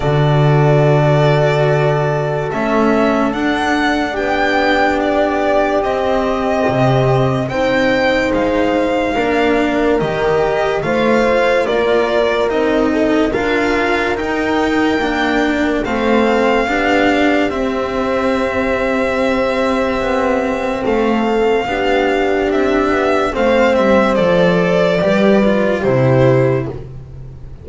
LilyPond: <<
  \new Staff \with { instrumentName = "violin" } { \time 4/4 \tempo 4 = 72 d''2. e''4 | fis''4 g''4 d''4 dis''4~ | dis''4 g''4 f''2 | dis''4 f''4 d''4 dis''4 |
f''4 g''2 f''4~ | f''4 e''2.~ | e''4 f''2 e''4 | f''8 e''8 d''2 c''4 | }
  \new Staff \with { instrumentName = "horn" } { \time 4/4 a'1~ | a'4 g'2.~ | g'4 c''2 ais'4~ | ais'4 c''4 ais'4. a'8 |
ais'2. a'4 | g'1~ | g'4 a'4 g'2 | c''2 b'4 g'4 | }
  \new Staff \with { instrumentName = "cello" } { \time 4/4 fis'2. cis'4 | d'2. c'4~ | c'4 dis'2 d'4 | g'4 f'2 dis'4 |
f'4 dis'4 d'4 c'4 | d'4 c'2.~ | c'2 d'2 | c'4 a'4 g'8 f'8 e'4 | }
  \new Staff \with { instrumentName = "double bass" } { \time 4/4 d2. a4 | d'4 b2 c'4 | c4 c'4 gis4 ais4 | dis4 a4 ais4 c'4 |
d'4 dis'4 ais4 a4 | b4 c'2. | b4 a4 b4 c'8 b8 | a8 g8 f4 g4 c4 | }
>>